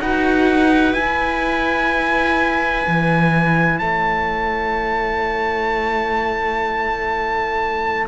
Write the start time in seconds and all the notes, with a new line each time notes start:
0.00 D#4 F#4 B4 F#5
0.94 E4 G#5
2.87 E3
3.79 A3 C#5 A5